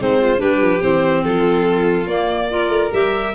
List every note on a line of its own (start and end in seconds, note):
0.00 0.41 G#3
0.00 0.38 C4
0.00 0.21 D#4
0.00 0.41 C5
0.21 0.41 F4
0.38 0.61 G3
0.38 0.80 D4
0.38 1.24 G4
0.38 0.82 B4
0.61 0.82 F3
0.82 1.24 E3
0.82 2.08 C4
0.82 1.24 C5
1.24 2.07 F3
1.24 2.50 F4
1.24 2.07 A4
2.07 2.69 A#3
2.07 2.50 A#3
2.07 2.91 D5
2.50 2.92 F4
2.50 3.35 A#4
2.69 2.90 A3
2.92 3.35 G3
2.92 3.34 G4
2.92 3.35 E5